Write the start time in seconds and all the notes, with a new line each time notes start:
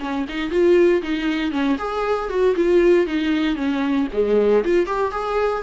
0.00 C#4
0.29 D#4
0.51 F4
1.02 D#4
1.51 C#4
1.78 G#4
2.29 F#4
2.56 F4
3.07 D#4
3.56 C#4
4.13 G#3
4.65 F4
4.86 G4
5.11 G#4